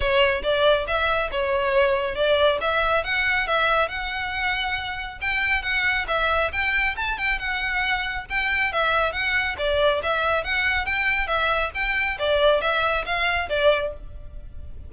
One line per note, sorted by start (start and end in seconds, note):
0.00 0.42 C#5
0.42 0.86 D5
0.87 1.30 E5
1.31 2.15 C#5
2.15 2.58 D5
2.60 3.03 E5
3.03 3.47 F#5
3.47 3.88 E5
3.88 5.18 F#5
5.21 5.62 G5
5.62 6.06 F#5
6.07 6.51 E5
6.52 6.95 G5
6.96 7.17 A5
7.17 7.38 G5
7.38 8.25 F#5
8.29 8.72 G5
8.72 9.12 E5
9.12 9.56 F#5
9.58 10.01 D5
10.02 10.44 E5
10.44 10.85 F#5
10.85 11.27 G5
11.27 11.70 E5
11.74 12.18 G5
12.18 12.61 D5
12.61 13.04 E5
13.05 13.49 F5
13.49 13.92 D5